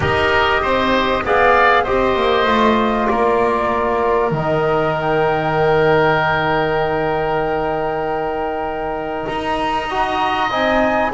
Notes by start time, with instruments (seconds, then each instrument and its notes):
0.00 double bass D#4, trombone G4, oboe A#4, flute D#5
0.61 double bass C4, oboe C5
1.24 double bass B3, trombone G#4, oboe D5, flute F5
1.83 double bass C4, trombone G4, oboe C5, flute D#5
2.15 double bass A#3
2.45 double bass A3, trombone F4
3.07 double bass A#3, oboe A#4, flute D5
4.31 double bass D#3, trombone D#4, flute D#5
4.95 flute G5
9.26 double bass D#4, flute A#5
9.88 trombone F#4, oboe D#5
10.49 double bass C4, trombone D#4, flute G#5